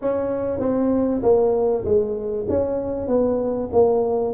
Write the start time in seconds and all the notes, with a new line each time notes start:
0.01 C#4
0.59 C4
1.22 A#3
1.84 G#3
2.49 C#4
3.07 B3
3.72 A#3